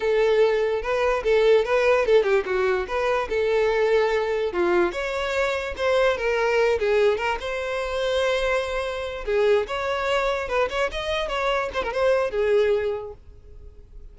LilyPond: \new Staff \with { instrumentName = "violin" } { \time 4/4 \tempo 4 = 146 a'2 b'4 a'4 | b'4 a'8 g'8 fis'4 b'4 | a'2. f'4 | cis''2 c''4 ais'4~ |
ais'8 gis'4 ais'8 c''2~ | c''2~ c''8 gis'4 cis''8~ | cis''4. b'8 cis''8 dis''4 cis''8~ | cis''8 c''16 ais'16 c''4 gis'2 | }